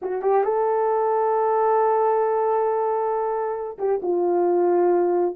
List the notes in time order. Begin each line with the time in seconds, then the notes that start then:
0.02 F#4
0.21 G4
0.44 A4
3.78 G4
4.02 F4